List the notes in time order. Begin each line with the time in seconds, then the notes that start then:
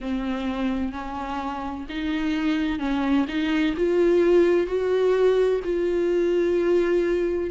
0.00 C4
0.92 C#4
1.89 D#4
2.79 C#4
3.28 D#4
3.77 F4
4.66 F#4
5.64 F4